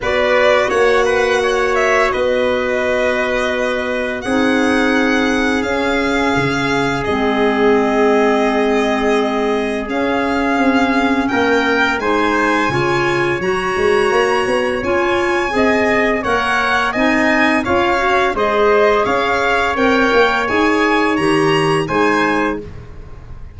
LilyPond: <<
  \new Staff \with { instrumentName = "violin" } { \time 4/4 \tempo 4 = 85 d''4 fis''4. e''8 dis''4~ | dis''2 fis''2 | f''2 dis''2~ | dis''2 f''2 |
g''4 gis''2 ais''4~ | ais''4 gis''2 fis''4 | gis''4 f''4 dis''4 f''4 | g''4 gis''4 ais''4 gis''4 | }
  \new Staff \with { instrumentName = "trumpet" } { \time 4/4 b'4 cis''8 b'8 cis''4 b'4~ | b'2 gis'2~ | gis'1~ | gis'1 |
ais'4 c''4 cis''2~ | cis''2 dis''4 cis''4 | dis''4 cis''4 c''4 cis''4~ | cis''2. c''4 | }
  \new Staff \with { instrumentName = "clarinet" } { \time 4/4 fis'1~ | fis'2 dis'2 | cis'2 c'2~ | c'2 cis'2~ |
cis'4 dis'4 f'4 fis'4~ | fis'4 f'4 gis'4 ais'4 | dis'4 f'8 fis'8 gis'2 | ais'4 gis'4 g'4 dis'4 | }
  \new Staff \with { instrumentName = "tuba" } { \time 4/4 b4 ais2 b4~ | b2 c'2 | cis'4 cis4 gis2~ | gis2 cis'4 c'4 |
ais4 gis4 cis4 fis8 gis8 | ais8 b8 cis'4 c'4 ais4 | c'4 cis'4 gis4 cis'4 | c'8 ais8 dis'4 dis4 gis4 | }
>>